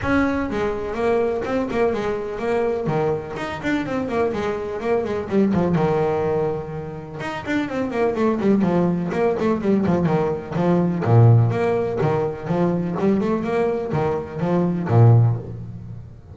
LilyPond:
\new Staff \with { instrumentName = "double bass" } { \time 4/4 \tempo 4 = 125 cis'4 gis4 ais4 c'8 ais8 | gis4 ais4 dis4 dis'8 d'8 | c'8 ais8 gis4 ais8 gis8 g8 f8 | dis2. dis'8 d'8 |
c'8 ais8 a8 g8 f4 ais8 a8 | g8 f8 dis4 f4 ais,4 | ais4 dis4 f4 g8 a8 | ais4 dis4 f4 ais,4 | }